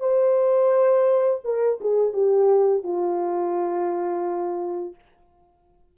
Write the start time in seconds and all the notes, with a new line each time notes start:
0.00 C5
1.44 A#4
1.81 G#4
2.14 G4
2.84 F4